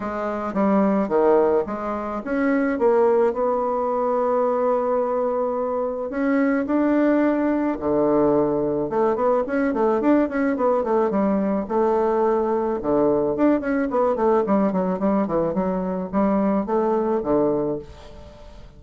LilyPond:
\new Staff \with { instrumentName = "bassoon" } { \time 4/4 \tempo 4 = 108 gis4 g4 dis4 gis4 | cis'4 ais4 b2~ | b2. cis'4 | d'2 d2 |
a8 b8 cis'8 a8 d'8 cis'8 b8 a8 | g4 a2 d4 | d'8 cis'8 b8 a8 g8 fis8 g8 e8 | fis4 g4 a4 d4 | }